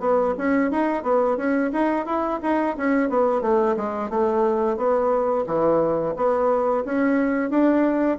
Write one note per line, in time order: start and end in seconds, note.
0.00 0.34 B3
0.38 0.71 C#4
0.71 1.03 D#4
1.03 1.37 B3
1.37 1.71 C#4
1.73 2.06 D#4
2.06 2.40 E4
2.42 2.76 D#4
2.77 3.10 C#4
3.10 3.42 B3
3.42 3.76 A3
3.77 4.10 G#3
4.10 4.77 A3
4.77 5.45 B3
5.47 6.15 E3
6.16 6.84 B3
6.85 7.50 C#4
7.50 8.18 D4